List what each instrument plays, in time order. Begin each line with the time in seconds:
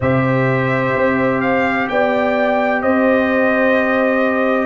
0.00 tuba C3, trombone G4, horn C5, trumpet E5
0.95 tuba C4
1.40 trumpet F5
1.88 tuba B3, horn D5, trumpet G5
2.81 tuba C4, horn C5, trumpet D#5